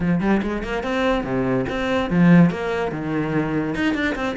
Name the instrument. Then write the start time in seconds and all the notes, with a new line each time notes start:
cello
0.00 F3
0.20 G3
0.42 G#3
0.63 A#3
0.83 C4
1.23 C3
1.69 C4
2.09 F3
2.50 A#3
2.91 D#3
3.74 D#4
3.94 D4
4.15 C4